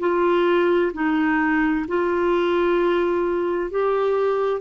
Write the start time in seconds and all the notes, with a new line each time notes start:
0.00 F4
0.94 D#4
1.88 F4
3.70 G4